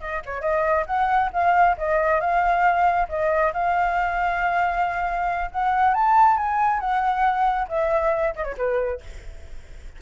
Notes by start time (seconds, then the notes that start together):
0.00 D#5
0.25 C#5
0.41 D#5
0.86 F#5
1.32 F5
1.77 D#5
2.20 F5
3.08 D#5
3.53 F5
5.51 F#5
5.94 A5
6.37 G#5
6.80 F#5
7.68 E5
8.35 D#5
8.44 C#5
8.57 B4